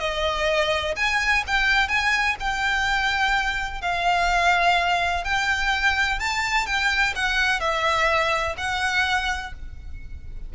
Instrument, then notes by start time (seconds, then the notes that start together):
violin
0.00 D#5
0.96 G#5
1.47 G5
1.88 G#5
2.40 G5
3.82 F5
5.24 G5
6.20 A5
6.66 G5
7.16 F#5
7.60 E5
8.58 F#5